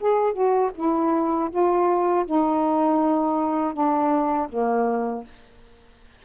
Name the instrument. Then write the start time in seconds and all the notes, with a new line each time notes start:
saxophone
0.00 G#4
0.33 F#4
0.75 E4
1.50 F4
2.25 D#4
3.73 D4
4.49 A#3